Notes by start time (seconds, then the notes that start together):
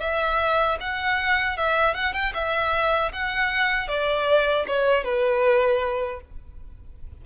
0.00 E5
0.80 F#5
1.57 E5
1.94 F#5
2.13 G5
2.34 E5
3.12 F#5
3.88 D5
4.67 C#5
5.04 B4